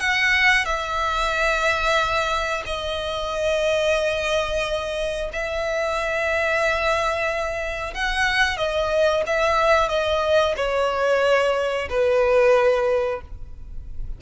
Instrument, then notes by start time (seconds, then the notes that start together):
violin
0.00 F#5
0.65 E5
2.66 D#5
5.33 E5
7.95 F#5
8.57 D#5
9.27 E5
9.89 D#5
10.57 C#5
11.90 B4